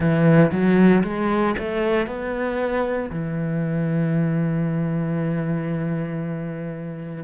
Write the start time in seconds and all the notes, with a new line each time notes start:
0.00 E3
0.51 F#3
1.03 G#3
1.58 A3
2.06 B3
3.10 E3